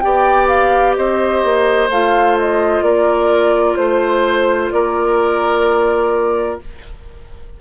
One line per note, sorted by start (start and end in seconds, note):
0.00 0.97 B3
0.00 1.89 G4
0.00 0.97 D5
0.00 0.47 G5
0.48 0.95 F5
0.96 1.44 C4
0.96 2.84 C5
0.96 1.89 D#5
1.44 1.89 A#3
1.89 2.82 A3
1.89 6.61 F4
1.89 2.38 F5
2.39 2.83 D#5
2.82 3.75 A#3
2.82 3.78 A#4
2.82 3.76 D5
3.76 4.71 A3
3.76 4.70 C5
3.76 4.73 C5
4.71 6.60 A#3
4.71 6.61 A#4
4.71 6.58 D5